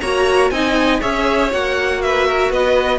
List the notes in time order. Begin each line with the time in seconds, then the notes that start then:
0.00 A#3 F#4 C#5 A#5
0.50 C4 D#4 D#5 G#5
1.00 C#4 G#4 C#5 E5
1.51 A#3 F#4 F#5
2.02 B4 E5
2.27 A#4
2.50 B3 B4 D#5